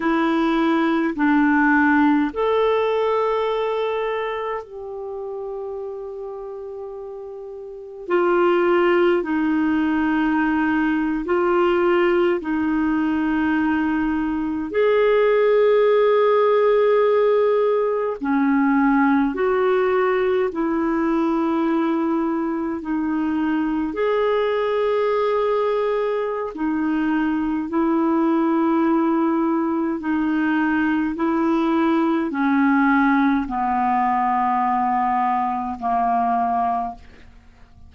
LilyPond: \new Staff \with { instrumentName = "clarinet" } { \time 4/4 \tempo 4 = 52 e'4 d'4 a'2 | g'2. f'4 | dis'4.~ dis'16 f'4 dis'4~ dis'16~ | dis'8. gis'2. cis'16~ |
cis'8. fis'4 e'2 dis'16~ | dis'8. gis'2~ gis'16 dis'4 | e'2 dis'4 e'4 | cis'4 b2 ais4 | }